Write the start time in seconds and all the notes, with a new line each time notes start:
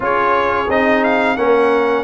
0.00 C#4 F4 G#4 C#5
0.68 C4 D#4 D#5
1.03 F5
1.36 A#3 C#4 A#4 F#5